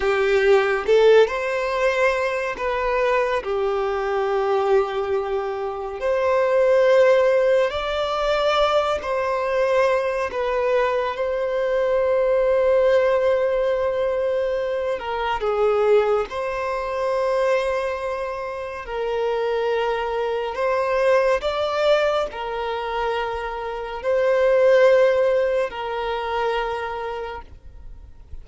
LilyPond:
\new Staff \with { instrumentName = "violin" } { \time 4/4 \tempo 4 = 70 g'4 a'8 c''4. b'4 | g'2. c''4~ | c''4 d''4. c''4. | b'4 c''2.~ |
c''4. ais'8 gis'4 c''4~ | c''2 ais'2 | c''4 d''4 ais'2 | c''2 ais'2 | }